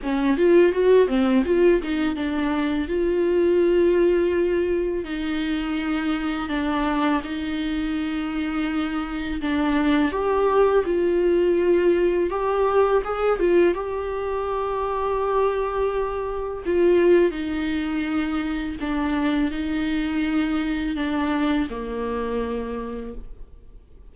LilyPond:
\new Staff \with { instrumentName = "viola" } { \time 4/4 \tempo 4 = 83 cis'8 f'8 fis'8 c'8 f'8 dis'8 d'4 | f'2. dis'4~ | dis'4 d'4 dis'2~ | dis'4 d'4 g'4 f'4~ |
f'4 g'4 gis'8 f'8 g'4~ | g'2. f'4 | dis'2 d'4 dis'4~ | dis'4 d'4 ais2 | }